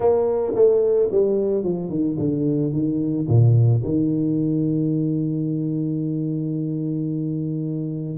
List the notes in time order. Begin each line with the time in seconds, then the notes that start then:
0.00 A#3
0.55 A3
1.11 G3
1.63 F3
1.89 D#3
2.18 D3
2.72 D#3
3.28 A#2
3.84 D#3